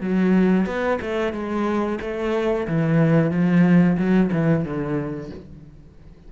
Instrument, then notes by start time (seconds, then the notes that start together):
cello
0.00 F#3
0.66 B3
1.01 A3
1.33 G#3
2.01 A3
2.67 E3
3.31 F3
3.97 F#3
4.32 E3
4.64 D3